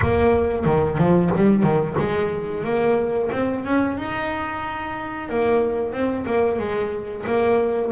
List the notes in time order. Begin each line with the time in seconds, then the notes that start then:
0.01 A#3
0.65 D#3
0.97 F3
1.35 G3
1.63 D#3
1.98 G#3
2.64 A#3
3.31 C4
3.64 C#4
3.97 D#4
5.29 A#3
5.92 C4
6.25 A#3
6.58 G#3
7.26 A#3